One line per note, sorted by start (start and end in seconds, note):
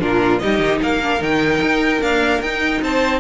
0.00 0.42 A#2
0.00 0.40 D4
0.00 0.42 F4
0.00 0.39 A#4
0.39 0.59 G3
0.39 1.02 D#4
0.39 0.81 G4
0.39 0.79 D#5
0.59 0.79 D#3
0.81 1.21 A#3
0.81 2.83 A#4
0.81 1.23 F5
1.03 1.19 D4
1.19 1.61 D#3
1.19 2.00 D#4
1.19 2.02 G5
1.62 2.01 D#4
2.01 2.43 A#3
2.01 2.42 D4
2.01 2.42 F5
2.42 2.82 D#4
2.42 3.20 D#4
2.42 2.82 G5
2.82 3.20 C4
2.82 3.20 C5
2.82 3.20 A5